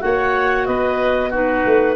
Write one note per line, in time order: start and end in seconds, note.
0.00 0.68 A#3
0.00 1.30 F#4
0.00 0.68 C#5
0.00 0.66 F#5
0.66 1.66 B3
0.66 1.30 B4
0.66 1.32 D#5
1.30 1.96 D#4
1.30 1.95 F#4
1.30 1.96 B4
1.66 1.96 A3